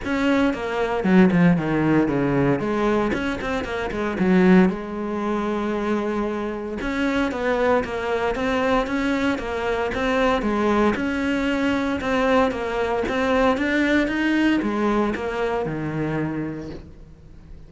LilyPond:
\new Staff \with { instrumentName = "cello" } { \time 4/4 \tempo 4 = 115 cis'4 ais4 fis8 f8 dis4 | cis4 gis4 cis'8 c'8 ais8 gis8 | fis4 gis2.~ | gis4 cis'4 b4 ais4 |
c'4 cis'4 ais4 c'4 | gis4 cis'2 c'4 | ais4 c'4 d'4 dis'4 | gis4 ais4 dis2 | }